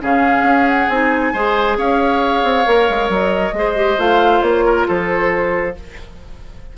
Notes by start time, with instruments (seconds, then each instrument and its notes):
0.00 bassoon C#3, clarinet C#4, oboe G#4, flute F5
0.43 bassoon C#4
0.68 flute F#5
0.89 bassoon C4, clarinet D#4, flute G#5
1.33 bassoon G#3, clarinet G#4, oboe C5
1.77 bassoon C#4, oboe C#5, flute F5
2.43 bassoon C4
2.65 bassoon A#3, clarinet A#4
2.89 bassoon G#3
3.09 bassoon F#3, flute D#5
3.52 bassoon G#3, clarinet G#4, oboe C5
3.75 clarinet G4
3.98 bassoon A3, clarinet F4, flute F5
4.41 bassoon A#3, flute C#5
4.65 oboe A#4
4.87 bassoon F3, oboe A4, flute C5